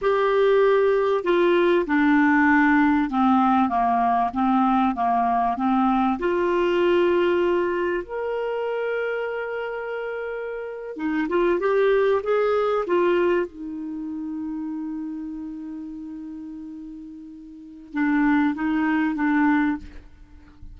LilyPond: \new Staff \with { instrumentName = "clarinet" } { \time 4/4 \tempo 4 = 97 g'2 f'4 d'4~ | d'4 c'4 ais4 c'4 | ais4 c'4 f'2~ | f'4 ais'2.~ |
ais'4.~ ais'16 dis'8 f'8 g'4 gis'16~ | gis'8. f'4 dis'2~ dis'16~ | dis'1~ | dis'4 d'4 dis'4 d'4 | }